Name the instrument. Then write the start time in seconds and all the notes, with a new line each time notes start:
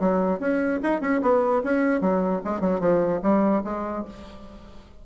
bassoon
0.00 F#3
0.40 C#4
0.83 D#4
1.01 C#4
1.22 B3
1.64 C#4
2.01 F#3
2.45 G#3
2.61 F#3
2.80 F3
3.22 G3
3.64 G#3